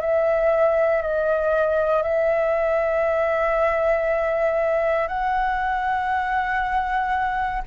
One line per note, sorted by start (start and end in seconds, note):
0.00 1.01 E5
1.01 2.02 D#5
2.02 5.08 E5
5.08 7.62 F#5